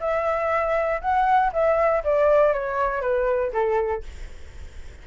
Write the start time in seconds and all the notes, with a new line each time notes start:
0.00 E5
1.01 F#5
1.53 E5
2.04 D5
2.53 C#5
3.01 B4
3.53 A4